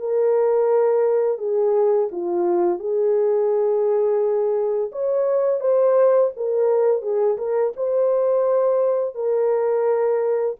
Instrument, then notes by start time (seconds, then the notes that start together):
horn
0.00 A#4
1.38 G#4
2.12 F4
2.79 G#4
4.92 C#5
5.61 C5
6.37 A#4
7.02 G#4
7.38 A#4
7.77 C5
9.15 A#4